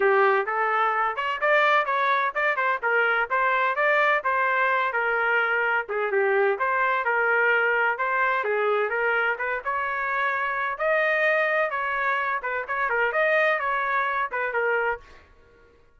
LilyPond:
\new Staff \with { instrumentName = "trumpet" } { \time 4/4 \tempo 4 = 128 g'4 a'4. cis''8 d''4 | cis''4 d''8 c''8 ais'4 c''4 | d''4 c''4. ais'4.~ | ais'8 gis'8 g'4 c''4 ais'4~ |
ais'4 c''4 gis'4 ais'4 | b'8 cis''2~ cis''8 dis''4~ | dis''4 cis''4. b'8 cis''8 ais'8 | dis''4 cis''4. b'8 ais'4 | }